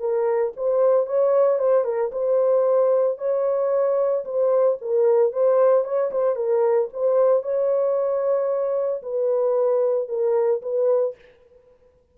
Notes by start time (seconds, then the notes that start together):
0.00 A#4
0.56 C5
1.07 C#5
1.59 C5
1.84 A#4
2.12 C5
3.18 C#5
4.25 C5
4.81 A#4
5.32 C5
5.85 C#5
6.12 C5
6.36 A#4
6.93 C5
7.43 C#5
9.03 B4
10.09 A#4
10.62 B4